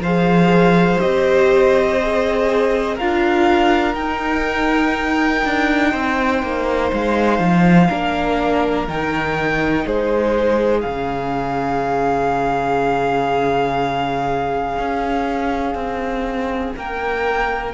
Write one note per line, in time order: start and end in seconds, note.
0.00 0.98 F3
0.00 0.99 G#4
0.00 2.95 C5
0.00 1.01 F5
0.99 3.00 C4
0.99 1.97 G4
0.99 2.97 D#5
2.01 2.99 G#4
2.95 3.95 D4
2.95 3.95 F4
2.95 5.91 A#4
2.95 3.95 F5
3.95 5.42 D#4
3.95 7.89 D#4
3.95 6.90 G5
5.45 5.94 D4
5.91 6.43 C4
5.91 7.88 C5
6.43 6.92 A#3
6.92 7.39 G#3
6.92 8.89 F5
7.39 7.89 F3
7.88 8.88 A#3
7.88 8.87 D4
7.88 9.85 A#4
8.88 9.86 D#3
8.88 10.85 D#4
8.88 9.87 G5
9.86 10.84 G#3
9.86 16.76 G#4
9.86 10.81 C5
10.81 14.78 C#3
10.81 17.74 C#4
10.81 16.71 F5
14.79 15.75 C#4
15.75 16.73 C4
16.77 17.74 A#3
16.77 17.74 A#4
16.77 17.74 G5